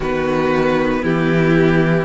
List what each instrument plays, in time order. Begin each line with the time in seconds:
0.00 cello D#3, viola B3, violin F#4 B4
1.02 cello E3, violin E4 G4